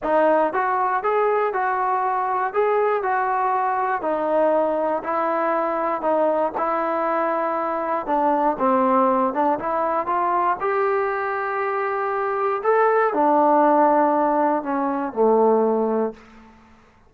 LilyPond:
\new Staff \with { instrumentName = "trombone" } { \time 4/4 \tempo 4 = 119 dis'4 fis'4 gis'4 fis'4~ | fis'4 gis'4 fis'2 | dis'2 e'2 | dis'4 e'2. |
d'4 c'4. d'8 e'4 | f'4 g'2.~ | g'4 a'4 d'2~ | d'4 cis'4 a2 | }